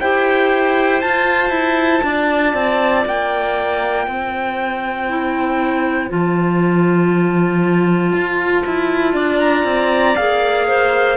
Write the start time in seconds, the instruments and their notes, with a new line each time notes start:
0.00 cello E4, clarinet G4 C5, trumpet G5
1.01 clarinet F4, cello F4, trumpet A5
1.50 cello E4
2.03 cello D4, clarinet D5
2.54 cello C4
3.05 cello A#3, trumpet G5
4.06 cello C4, clarinet C5
5.09 clarinet E4
6.09 cello F3, clarinet F4, trumpet A5
8.13 cello F4
8.66 cello E4
9.13 cello D4, clarinet D5
9.40 trumpet A#5
9.64 cello C4
10.16 cello A#3, clarinet G#4, trumpet F5
10.68 clarinet C5